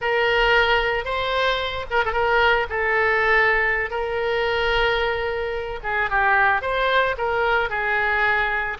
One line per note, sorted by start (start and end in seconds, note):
0.01 1.04 A#4
1.04 1.85 C5
1.90 2.03 A#4
2.05 2.12 A4
2.12 2.66 A#4
2.69 3.90 A4
3.90 5.79 A#4
5.83 6.10 G#4
6.10 6.61 G4
6.61 7.15 C5
7.17 7.69 A#4
7.69 8.77 G#4